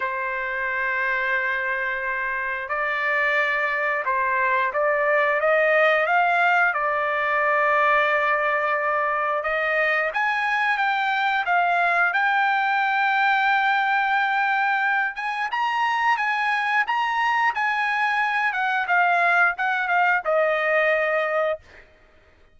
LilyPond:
\new Staff \with { instrumentName = "trumpet" } { \time 4/4 \tempo 4 = 89 c''1 | d''2 c''4 d''4 | dis''4 f''4 d''2~ | d''2 dis''4 gis''4 |
g''4 f''4 g''2~ | g''2~ g''8 gis''8 ais''4 | gis''4 ais''4 gis''4. fis''8 | f''4 fis''8 f''8 dis''2 | }